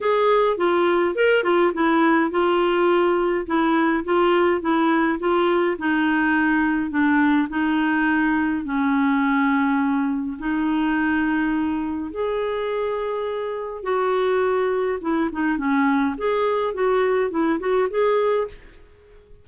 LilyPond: \new Staff \with { instrumentName = "clarinet" } { \time 4/4 \tempo 4 = 104 gis'4 f'4 ais'8 f'8 e'4 | f'2 e'4 f'4 | e'4 f'4 dis'2 | d'4 dis'2 cis'4~ |
cis'2 dis'2~ | dis'4 gis'2. | fis'2 e'8 dis'8 cis'4 | gis'4 fis'4 e'8 fis'8 gis'4 | }